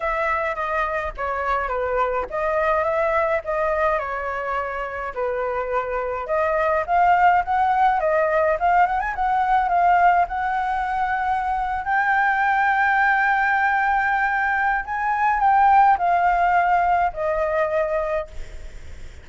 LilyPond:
\new Staff \with { instrumentName = "flute" } { \time 4/4 \tempo 4 = 105 e''4 dis''4 cis''4 b'4 | dis''4 e''4 dis''4 cis''4~ | cis''4 b'2 dis''4 | f''4 fis''4 dis''4 f''8 fis''16 gis''16 |
fis''4 f''4 fis''2~ | fis''8. g''2.~ g''16~ | g''2 gis''4 g''4 | f''2 dis''2 | }